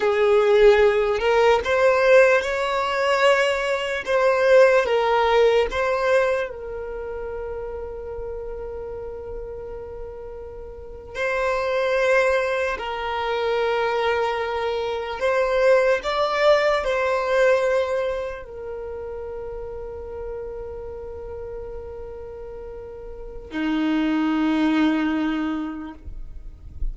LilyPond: \new Staff \with { instrumentName = "violin" } { \time 4/4 \tempo 4 = 74 gis'4. ais'8 c''4 cis''4~ | cis''4 c''4 ais'4 c''4 | ais'1~ | ais'4.~ ais'16 c''2 ais'16~ |
ais'2~ ais'8. c''4 d''16~ | d''8. c''2 ais'4~ ais'16~ | ais'1~ | ais'4 dis'2. | }